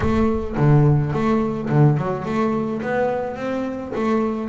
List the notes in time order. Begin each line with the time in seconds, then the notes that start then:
0.00 A3
0.57 D3
1.13 A3
1.69 D3
1.97 F#3
2.25 A3
2.82 B3
3.36 C4
3.95 A3